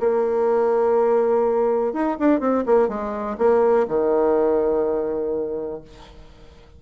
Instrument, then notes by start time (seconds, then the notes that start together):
bassoon
0.00 A#3
1.93 D#4
2.19 D4
2.40 C4
2.66 A#3
2.88 G#3
3.38 A#3
3.88 D#3